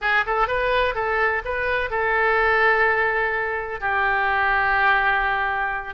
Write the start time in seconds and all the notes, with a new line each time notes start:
0.01 G#4
0.26 A4
0.47 B4
0.94 A4
1.44 B4
1.90 A4
3.80 G4